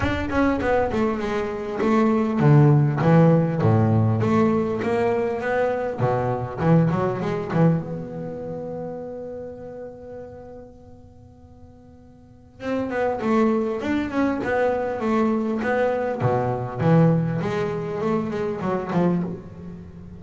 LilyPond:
\new Staff \with { instrumentName = "double bass" } { \time 4/4 \tempo 4 = 100 d'8 cis'8 b8 a8 gis4 a4 | d4 e4 a,4 a4 | ais4 b4 b,4 e8 fis8 | gis8 e8 b2.~ |
b1~ | b4 c'8 b8 a4 d'8 cis'8 | b4 a4 b4 b,4 | e4 gis4 a8 gis8 fis8 f8 | }